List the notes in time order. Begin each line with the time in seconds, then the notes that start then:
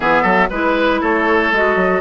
0.00 E3 B3 G#4 E5
0.22 F#3 A4
0.50 G#3 E4 B4
1.00 A3 A4 C#5
1.51 G#3 F#4 D#5
1.75 F#3